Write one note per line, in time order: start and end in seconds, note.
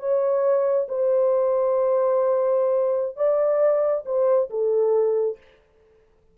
0.00 0.88 C#5
0.89 3.17 C5
3.17 4.04 D5
4.06 4.50 C5
4.51 5.38 A4